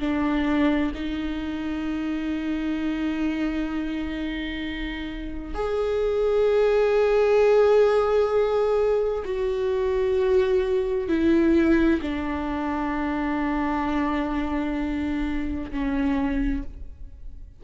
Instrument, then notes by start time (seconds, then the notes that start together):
viola
0.00 D4
0.95 D#4
5.55 G#4
9.25 F#4
11.09 E4
12.02 D4
15.71 C#4